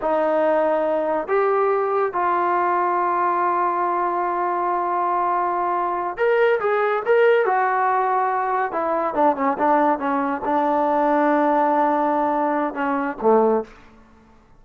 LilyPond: \new Staff \with { instrumentName = "trombone" } { \time 4/4 \tempo 4 = 141 dis'2. g'4~ | g'4 f'2.~ | f'1~ | f'2~ f'8 ais'4 gis'8~ |
gis'8 ais'4 fis'2~ fis'8~ | fis'8 e'4 d'8 cis'8 d'4 cis'8~ | cis'8 d'2.~ d'8~ | d'2 cis'4 a4 | }